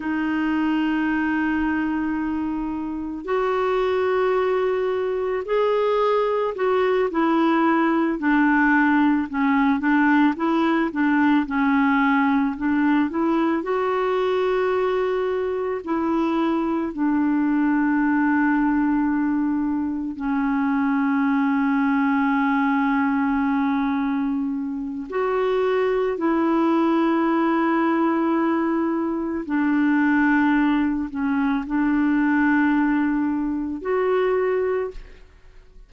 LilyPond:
\new Staff \with { instrumentName = "clarinet" } { \time 4/4 \tempo 4 = 55 dis'2. fis'4~ | fis'4 gis'4 fis'8 e'4 d'8~ | d'8 cis'8 d'8 e'8 d'8 cis'4 d'8 | e'8 fis'2 e'4 d'8~ |
d'2~ d'8 cis'4.~ | cis'2. fis'4 | e'2. d'4~ | d'8 cis'8 d'2 fis'4 | }